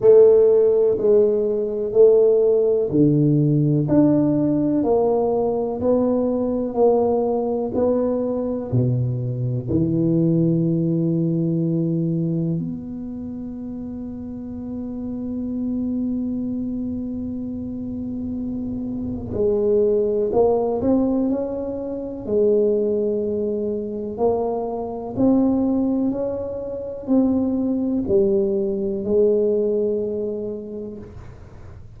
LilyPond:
\new Staff \with { instrumentName = "tuba" } { \time 4/4 \tempo 4 = 62 a4 gis4 a4 d4 | d'4 ais4 b4 ais4 | b4 b,4 e2~ | e4 b2.~ |
b1 | gis4 ais8 c'8 cis'4 gis4~ | gis4 ais4 c'4 cis'4 | c'4 g4 gis2 | }